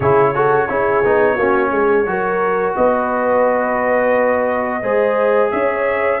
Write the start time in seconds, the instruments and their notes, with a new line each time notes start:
0.00 tuba C#3, trombone E4, horn G#4, trumpet C#5
0.34 trombone F#4, horn A4
0.69 tuba C#4, trombone E4, horn G#4
1.04 tuba B3, trombone D#4
1.35 tuba A#3, trombone C#4, horn F#4
1.71 tuba G#3, horn G#4
2.05 tuba F#3, trombone F#4, horn A#4
2.75 tuba B3, horn B4, trumpet D#5
4.82 tuba G#3, trombone G#4, horn C5
5.51 tuba C#4, horn C#5, trumpet E5